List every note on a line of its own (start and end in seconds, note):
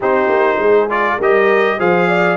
0.00 0.28 C4
0.00 0.89 D#4
0.00 0.57 G4
0.00 0.90 C5
0.28 0.57 A#3
0.59 1.18 G#3
0.59 1.17 G#4
0.89 1.18 F4
0.89 1.19 D5
1.17 1.78 G3
1.17 1.79 G4
1.17 1.77 A#4
1.17 1.79 D#5
1.78 2.37 F3
1.78 2.37 G#4
1.78 2.07 C5
1.78 2.37 F5
2.07 2.37 D5